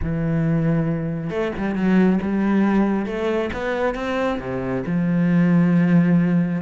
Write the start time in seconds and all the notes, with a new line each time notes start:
0.02 E3
1.30 A3
1.57 G3
1.75 F#3
2.22 G3
3.05 A3
3.53 B3
3.95 C4
4.39 C3
4.86 F3